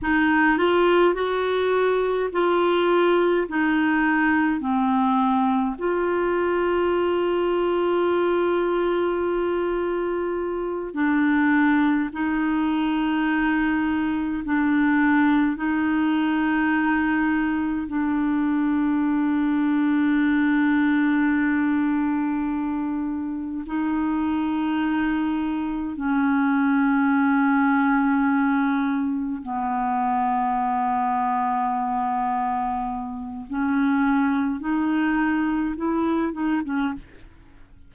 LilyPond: \new Staff \with { instrumentName = "clarinet" } { \time 4/4 \tempo 4 = 52 dis'8 f'8 fis'4 f'4 dis'4 | c'4 f'2.~ | f'4. d'4 dis'4.~ | dis'8 d'4 dis'2 d'8~ |
d'1~ | d'8 dis'2 cis'4.~ | cis'4. b2~ b8~ | b4 cis'4 dis'4 e'8 dis'16 cis'16 | }